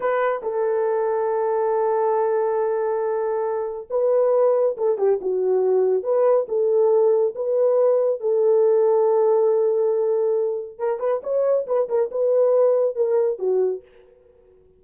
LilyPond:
\new Staff \with { instrumentName = "horn" } { \time 4/4 \tempo 4 = 139 b'4 a'2.~ | a'1~ | a'4 b'2 a'8 g'8 | fis'2 b'4 a'4~ |
a'4 b'2 a'4~ | a'1~ | a'4 ais'8 b'8 cis''4 b'8 ais'8 | b'2 ais'4 fis'4 | }